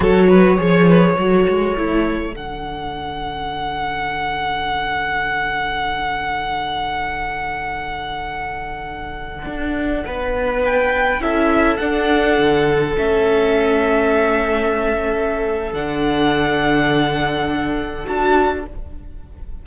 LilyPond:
<<
  \new Staff \with { instrumentName = "violin" } { \time 4/4 \tempo 4 = 103 cis''1 | fis''1~ | fis''1~ | fis''1~ |
fis''2~ fis''16 g''4 e''8.~ | e''16 fis''2 e''4.~ e''16~ | e''2. fis''4~ | fis''2. a''4 | }
  \new Staff \with { instrumentName = "violin" } { \time 4/4 a'8 b'8 cis''8 b'8 a'2~ | a'1~ | a'1~ | a'1~ |
a'4~ a'16 b'2 a'8.~ | a'1~ | a'1~ | a'1 | }
  \new Staff \with { instrumentName = "viola" } { \time 4/4 fis'4 gis'4 fis'4 e'4 | d'1~ | d'1~ | d'1~ |
d'2.~ d'16 e'8.~ | e'16 d'2 cis'4.~ cis'16~ | cis'2. d'4~ | d'2. fis'4 | }
  \new Staff \with { instrumentName = "cello" } { \time 4/4 fis4 f4 fis8 gis8 a4 | d1~ | d1~ | d1~ |
d16 d'4 b2 cis'8.~ | cis'16 d'4 d4 a4.~ a16~ | a2. d4~ | d2. d'4 | }
>>